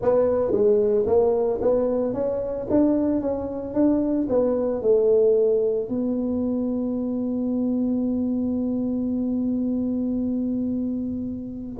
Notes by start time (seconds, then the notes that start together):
0.02 B3
0.51 G#3
1.06 A#3
1.61 B3
2.13 C#4
2.69 D4
3.21 C#4
3.74 D4
4.29 B3
4.81 A3
5.88 B3